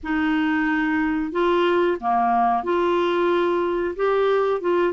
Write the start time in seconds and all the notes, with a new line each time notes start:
0.03 D#4
1.32 F4
2.00 A#3
2.63 F4
3.96 G4
4.61 F4